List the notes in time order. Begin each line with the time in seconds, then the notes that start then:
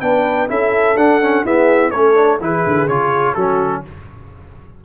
0.00 B3 D4 B4 G5
0.48 C#4 E4 A4 E5
0.95 D4 F#5
1.21 C#4
1.45 B3 E4 G#4 E5
1.90 A3 C#4 A4 C#5
2.15 D4
2.40 E3 E4 G#4 B4
2.66 D3
2.88 C#3 F4 C#5
3.33 F#3 C#4 F#4 A4